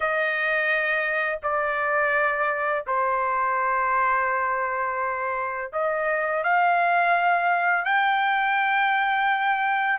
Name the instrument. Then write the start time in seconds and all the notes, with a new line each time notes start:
trumpet
0.00 D#5
1.43 D5
2.86 C5
5.72 D#5
6.43 F5
7.84 G5